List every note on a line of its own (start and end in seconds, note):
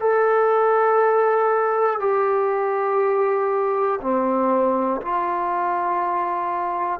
0.00 2.00 A4
2.00 4.00 G4
4.01 5.01 C4
5.01 7.00 F4